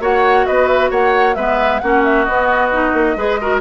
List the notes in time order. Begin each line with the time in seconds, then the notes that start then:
0.00 A#3 F#4 C#5 F#5
0.46 B3 B4 D#5
0.67 E5
0.91 A#3 C#5 F#5
1.35 G#3 B3 B4 E5
1.80 A#3 C#4 F#4 F#5
2.04 E5
2.24 B3 D#5
2.72 D#4
2.93 A#3
3.16 G#3 G#4 B4
3.41 F#4 A#4